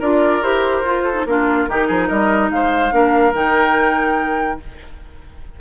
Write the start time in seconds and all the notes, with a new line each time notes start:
0.00 D4 F4 A#4 D5
0.43 E4 G4 C5
0.82 F4
1.05 A4
1.14 D#4
1.26 A#3 D4 F4 A#4
1.69 D#3 D#4 G4
1.88 F3 G#4
2.08 G3 A#4 D#5
2.51 G#3 C5 F5
2.91 A#3 D4 A#4
3.34 D#3 D#4 G5